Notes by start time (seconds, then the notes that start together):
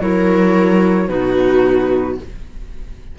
0.00 F#3 E4 A#4 C#5
1.07 B2 D#4 F#4 B4